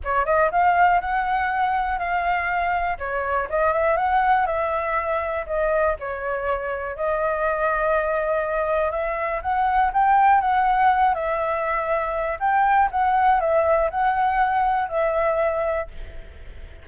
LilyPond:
\new Staff \with { instrumentName = "flute" } { \time 4/4 \tempo 4 = 121 cis''8 dis''8 f''4 fis''2 | f''2 cis''4 dis''8 e''8 | fis''4 e''2 dis''4 | cis''2 dis''2~ |
dis''2 e''4 fis''4 | g''4 fis''4. e''4.~ | e''4 g''4 fis''4 e''4 | fis''2 e''2 | }